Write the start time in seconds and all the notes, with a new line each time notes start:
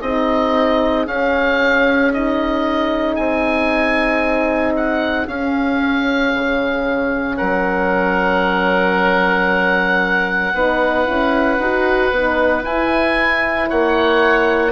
0.00 C4 D#4 G#4 D#5
1.06 C#4 F5
2.12 D#4 D#5
3.15 C4 G#5
4.76 F#5
5.27 C#4 F5
6.33 C#3
7.37 F#3 A#4 F#5
10.54 B3 D#4 B4
11.06 C#4 E4
11.59 D#4 F#4
12.11 B3 D#4
12.62 E4 G#5
13.69 A#3 C#5 F#5